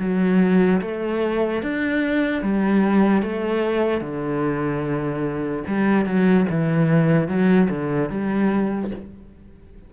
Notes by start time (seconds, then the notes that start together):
0.00 F#3
0.82 A3
1.63 D4
2.43 G3
3.23 A3
4.01 D3
5.68 G3
6.06 F#3
6.50 E3
7.28 F#3
7.70 D3
8.10 G3